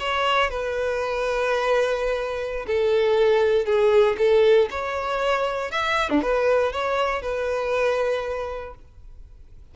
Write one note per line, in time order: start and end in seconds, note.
0.00 0.50 C#5
0.50 2.66 B4
2.67 3.66 A4
3.66 4.17 G#4
4.18 4.69 A4
4.71 5.72 C#5
5.72 6.10 E5
6.10 6.22 D4
6.22 6.73 B4
6.73 7.22 C#5
7.22 8.75 B4